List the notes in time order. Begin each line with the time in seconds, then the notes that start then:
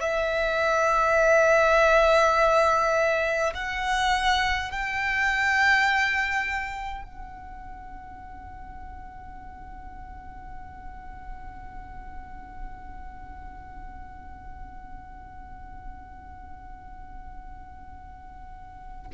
0.00 E5
3.54 F#5
4.71 G5
7.04 F#5